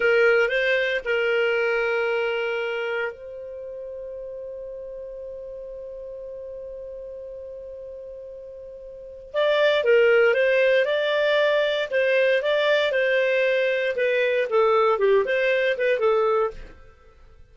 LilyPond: \new Staff \with { instrumentName = "clarinet" } { \time 4/4 \tempo 4 = 116 ais'4 c''4 ais'2~ | ais'2 c''2~ | c''1~ | c''1~ |
c''2 d''4 ais'4 | c''4 d''2 c''4 | d''4 c''2 b'4 | a'4 g'8 c''4 b'8 a'4 | }